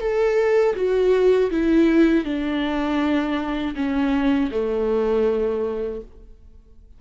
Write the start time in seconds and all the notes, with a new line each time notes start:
0.00 A4
0.75 F#4
1.51 E4
2.24 D4
3.75 C#4
4.51 A3